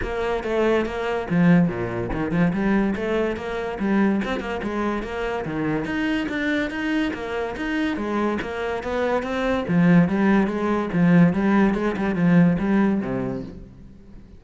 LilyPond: \new Staff \with { instrumentName = "cello" } { \time 4/4 \tempo 4 = 143 ais4 a4 ais4 f4 | ais,4 dis8 f8 g4 a4 | ais4 g4 c'8 ais8 gis4 | ais4 dis4 dis'4 d'4 |
dis'4 ais4 dis'4 gis4 | ais4 b4 c'4 f4 | g4 gis4 f4 g4 | gis8 g8 f4 g4 c4 | }